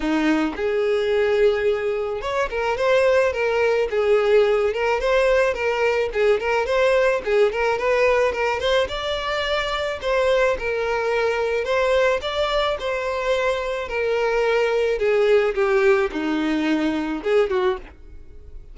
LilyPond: \new Staff \with { instrumentName = "violin" } { \time 4/4 \tempo 4 = 108 dis'4 gis'2. | cis''8 ais'8 c''4 ais'4 gis'4~ | gis'8 ais'8 c''4 ais'4 gis'8 ais'8 | c''4 gis'8 ais'8 b'4 ais'8 c''8 |
d''2 c''4 ais'4~ | ais'4 c''4 d''4 c''4~ | c''4 ais'2 gis'4 | g'4 dis'2 gis'8 fis'8 | }